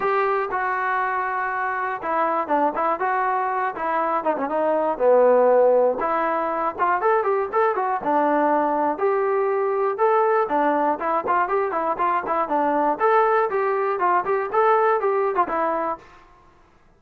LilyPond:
\new Staff \with { instrumentName = "trombone" } { \time 4/4 \tempo 4 = 120 g'4 fis'2. | e'4 d'8 e'8 fis'4. e'8~ | e'8 dis'16 cis'16 dis'4 b2 | e'4. f'8 a'8 g'8 a'8 fis'8 |
d'2 g'2 | a'4 d'4 e'8 f'8 g'8 e'8 | f'8 e'8 d'4 a'4 g'4 | f'8 g'8 a'4 g'8. f'16 e'4 | }